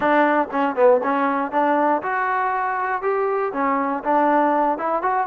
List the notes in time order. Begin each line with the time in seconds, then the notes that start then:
0.00 D4
0.51 C#4
0.75 B3
1.03 C#4
1.51 D4
2.02 F#4
3.02 G4
3.52 C#4
4.04 D4
4.78 E4
5.02 F#4